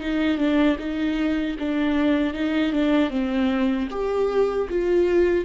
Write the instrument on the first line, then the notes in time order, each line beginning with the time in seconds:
viola
0.00 D#4
0.38 D4
0.79 D#4
1.58 D4
2.33 D#4
2.72 D4
3.10 C4
3.90 G4
4.69 F4